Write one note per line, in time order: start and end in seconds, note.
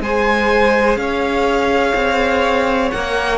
0.00 0.96 G#3
0.00 2.92 G#4
0.00 0.99 C5
0.00 0.97 G#5
0.96 1.93 C#4
0.96 3.37 C#5
0.96 2.90 F5
1.94 2.91 C4
2.90 3.37 A#3
2.90 3.37 A#4
2.90 3.37 F#5